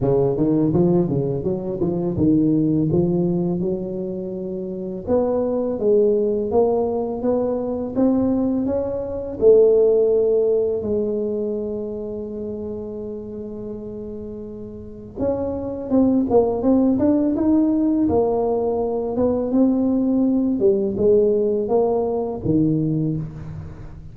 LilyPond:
\new Staff \with { instrumentName = "tuba" } { \time 4/4 \tempo 4 = 83 cis8 dis8 f8 cis8 fis8 f8 dis4 | f4 fis2 b4 | gis4 ais4 b4 c'4 | cis'4 a2 gis4~ |
gis1~ | gis4 cis'4 c'8 ais8 c'8 d'8 | dis'4 ais4. b8 c'4~ | c'8 g8 gis4 ais4 dis4 | }